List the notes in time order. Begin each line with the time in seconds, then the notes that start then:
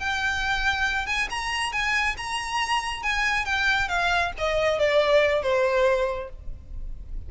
0.00 G5
1.07 G#5
1.30 A#5
1.73 G#5
2.18 A#5
3.04 G#5
3.46 G5
3.89 F5
4.39 D#5
4.79 D5
5.43 C5